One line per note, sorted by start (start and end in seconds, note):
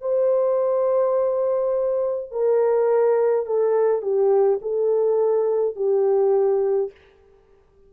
0.00 2.31 C5
2.31 3.46 A#4
3.46 4.02 A4
4.02 4.59 G4
4.62 5.75 A4
5.75 6.91 G4